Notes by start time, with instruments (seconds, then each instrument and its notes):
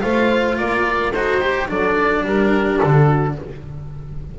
0.00 double bass A3, cello F4, horn C5, oboe F5
0.57 double bass A#3, horn A#4, oboe D5
1.13 double bass D#4, cello F#4, horn A4, oboe C5
1.41 cello G4, horn G4
1.68 double bass F#3, cello D4, horn A4, oboe D5
2.24 double bass G3, horn G4, oboe A#4
2.79 double bass D3, oboe A4
3.06 horn F#4